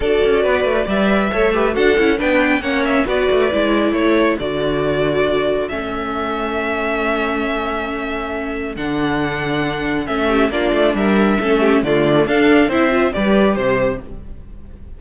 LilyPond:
<<
  \new Staff \with { instrumentName = "violin" } { \time 4/4 \tempo 4 = 137 d''2 e''2 | fis''4 g''4 fis''8 e''8 d''4~ | d''4 cis''4 d''2~ | d''4 e''2.~ |
e''1 | fis''2. e''4 | d''4 e''2 d''4 | f''4 e''4 d''4 c''4 | }
  \new Staff \with { instrumentName = "violin" } { \time 4/4 a'4 b'4 d''4 cis''8 b'8 | a'4 b'4 cis''4 b'4~ | b'4 a'2.~ | a'1~ |
a'1~ | a'2.~ a'8 g'8 | f'4 ais'4 a'8 g'8 f'4 | a'4 c''4 b'4 c''4 | }
  \new Staff \with { instrumentName = "viola" } { \time 4/4 fis'2 b'4 a'8 g'8 | fis'8 e'8 d'4 cis'4 fis'4 | e'2 fis'2~ | fis'4 cis'2.~ |
cis'1 | d'2. cis'4 | d'2 cis'4 a4 | d'4 e'8 f'8 g'2 | }
  \new Staff \with { instrumentName = "cello" } { \time 4/4 d'8 cis'8 b8 a8 g4 a4 | d'8 cis'8 b4 ais4 b8 a8 | gis4 a4 d2~ | d4 a2.~ |
a1 | d2. a4 | ais8 a8 g4 a4 d4 | d'4 c'4 g4 c4 | }
>>